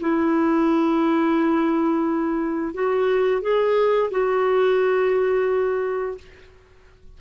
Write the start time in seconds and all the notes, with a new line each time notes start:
0.00 E4
2.74 F#4
3.41 G#4
4.11 F#4